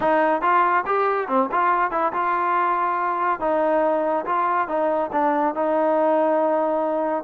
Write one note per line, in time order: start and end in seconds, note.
0.00 0.41 D#4
0.41 0.84 F4
0.86 1.27 G4
1.27 1.49 C4
1.51 1.91 F4
1.91 2.12 E4
2.13 3.40 F4
3.40 4.25 D#4
4.25 4.68 F4
4.68 5.10 D#4
5.12 5.54 D4
5.55 7.23 D#4